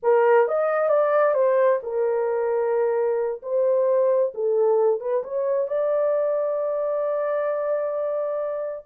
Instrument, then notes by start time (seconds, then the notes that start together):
horn
0.02 A#4
0.48 D#5
0.89 D5
1.34 C5
1.82 A#4
3.42 C5
4.34 A4
5.00 B4
5.23 C#5
5.67 D5